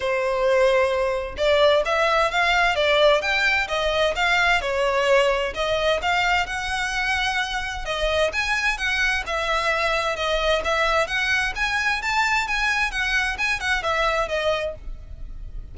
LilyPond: \new Staff \with { instrumentName = "violin" } { \time 4/4 \tempo 4 = 130 c''2. d''4 | e''4 f''4 d''4 g''4 | dis''4 f''4 cis''2 | dis''4 f''4 fis''2~ |
fis''4 dis''4 gis''4 fis''4 | e''2 dis''4 e''4 | fis''4 gis''4 a''4 gis''4 | fis''4 gis''8 fis''8 e''4 dis''4 | }